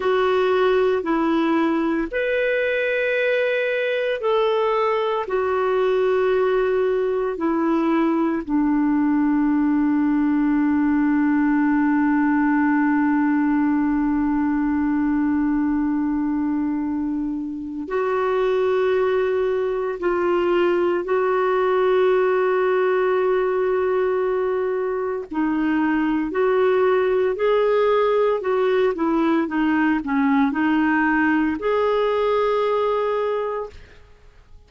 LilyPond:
\new Staff \with { instrumentName = "clarinet" } { \time 4/4 \tempo 4 = 57 fis'4 e'4 b'2 | a'4 fis'2 e'4 | d'1~ | d'1~ |
d'4 fis'2 f'4 | fis'1 | dis'4 fis'4 gis'4 fis'8 e'8 | dis'8 cis'8 dis'4 gis'2 | }